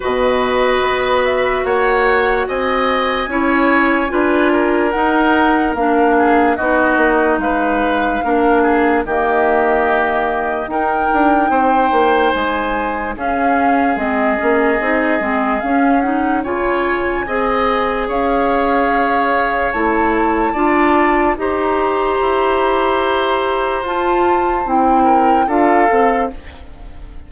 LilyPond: <<
  \new Staff \with { instrumentName = "flute" } { \time 4/4 \tempo 4 = 73 dis''4. e''8 fis''4 gis''4~ | gis''2 fis''4 f''4 | dis''4 f''2 dis''4~ | dis''4 g''2 gis''4 |
f''4 dis''2 f''8 fis''8 | gis''2 f''2 | a''2 ais''2~ | ais''4 a''4 g''4 f''4 | }
  \new Staff \with { instrumentName = "oboe" } { \time 4/4 b'2 cis''4 dis''4 | cis''4 b'8 ais'2 gis'8 | fis'4 b'4 ais'8 gis'8 g'4~ | g'4 ais'4 c''2 |
gis'1 | cis''4 dis''4 cis''2~ | cis''4 d''4 c''2~ | c''2~ c''8 ais'8 a'4 | }
  \new Staff \with { instrumentName = "clarinet" } { \time 4/4 fis'1 | e'4 f'4 dis'4 d'4 | dis'2 d'4 ais4~ | ais4 dis'2. |
cis'4 c'8 cis'8 dis'8 c'8 cis'8 dis'8 | f'4 gis'2. | e'4 f'4 g'2~ | g'4 f'4 e'4 f'8 a'8 | }
  \new Staff \with { instrumentName = "bassoon" } { \time 4/4 b,4 b4 ais4 c'4 | cis'4 d'4 dis'4 ais4 | b8 ais8 gis4 ais4 dis4~ | dis4 dis'8 d'8 c'8 ais8 gis4 |
cis'4 gis8 ais8 c'8 gis8 cis'4 | cis4 c'4 cis'2 | a4 d'4 dis'4 e'4~ | e'4 f'4 c'4 d'8 c'8 | }
>>